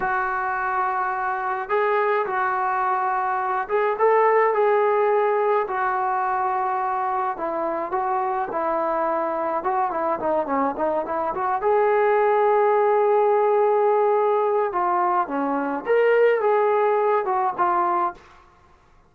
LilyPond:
\new Staff \with { instrumentName = "trombone" } { \time 4/4 \tempo 4 = 106 fis'2. gis'4 | fis'2~ fis'8 gis'8 a'4 | gis'2 fis'2~ | fis'4 e'4 fis'4 e'4~ |
e'4 fis'8 e'8 dis'8 cis'8 dis'8 e'8 | fis'8 gis'2.~ gis'8~ | gis'2 f'4 cis'4 | ais'4 gis'4. fis'8 f'4 | }